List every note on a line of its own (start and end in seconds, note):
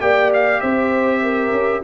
0.00 0.62 A#3
0.00 1.82 G4
0.00 0.61 D5
0.00 0.31 G5
0.33 0.61 F5
0.61 1.51 C4
0.61 1.21 C5
0.61 1.82 E5
1.23 1.83 A#4
1.51 1.82 C#4